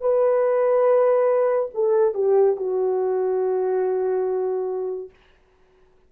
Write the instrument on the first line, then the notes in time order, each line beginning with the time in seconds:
horn
0.00 B4
1.74 A4
2.14 G4
2.56 F#4